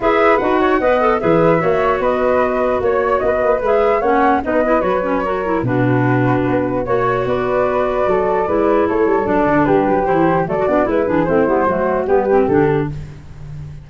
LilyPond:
<<
  \new Staff \with { instrumentName = "flute" } { \time 4/4 \tempo 4 = 149 e''4 fis''2 e''4~ | e''4 dis''2 cis''4 | dis''4 e''4 fis''4 dis''4 | cis''2 b'2~ |
b'4 cis''4 d''2~ | d''2 cis''4 d''4 | b'4 c''4 d''4 b'4 | c''2 b'4 a'4 | }
  \new Staff \with { instrumentName = "flute" } { \time 4/4 b'4. cis''8 dis''4 b'4 | cis''4 b'2 cis''4 | b'2 cis''4 b'4~ | b'4 ais'4 fis'2~ |
fis'4 cis''4 b'2 | a'4 b'4 a'2 | g'2 a'8 fis'8 e'8 gis'8 | e'4 fis'4 g'2 | }
  \new Staff \with { instrumentName = "clarinet" } { \time 4/4 gis'4 fis'4 b'8 a'8 gis'4 | fis'1~ | fis'4 gis'4 cis'4 dis'8 e'8 | fis'8 cis'8 fis'8 e'8 d'2~ |
d'4 fis'2.~ | fis'4 e'2 d'4~ | d'4 e'4 a16 fis'16 d'8 e'8 d'8 | c'8 b8 a4 b8 c'8 d'4 | }
  \new Staff \with { instrumentName = "tuba" } { \time 4/4 e'4 dis'4 b4 e4 | ais4 b2 ais4 | b8 ais8 gis4 ais4 b4 | fis2 b,2 |
b4 ais4 b2 | fis4 gis4 a8 g8 fis8 d8 | g8 fis8 e4 fis8 b8 gis8 e8 | a8 g8 fis4 g4 d4 | }
>>